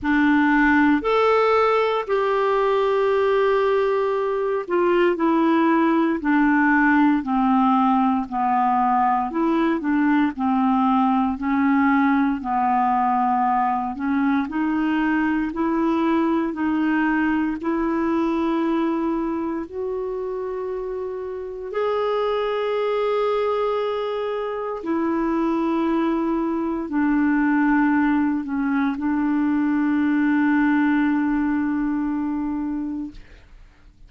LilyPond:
\new Staff \with { instrumentName = "clarinet" } { \time 4/4 \tempo 4 = 58 d'4 a'4 g'2~ | g'8 f'8 e'4 d'4 c'4 | b4 e'8 d'8 c'4 cis'4 | b4. cis'8 dis'4 e'4 |
dis'4 e'2 fis'4~ | fis'4 gis'2. | e'2 d'4. cis'8 | d'1 | }